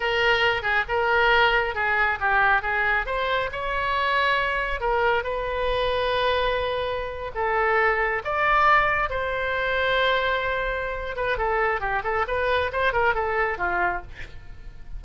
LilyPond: \new Staff \with { instrumentName = "oboe" } { \time 4/4 \tempo 4 = 137 ais'4. gis'8 ais'2 | gis'4 g'4 gis'4 c''4 | cis''2. ais'4 | b'1~ |
b'8. a'2 d''4~ d''16~ | d''8. c''2.~ c''16~ | c''4. b'8 a'4 g'8 a'8 | b'4 c''8 ais'8 a'4 f'4 | }